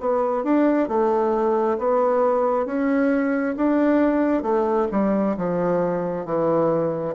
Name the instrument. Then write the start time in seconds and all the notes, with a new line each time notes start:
bassoon
0.00 B3
0.44 D4
0.88 A3
1.78 B3
2.65 C#4
3.56 D4
4.42 A3
4.91 G3
5.37 F3
6.25 E3